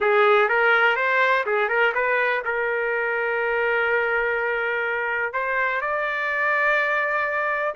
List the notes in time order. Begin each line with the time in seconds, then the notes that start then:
0.00 G#4
0.48 A#4
0.95 C5
1.46 G#4
1.68 A#4
1.94 B4
2.44 A#4
5.33 C5
5.81 D5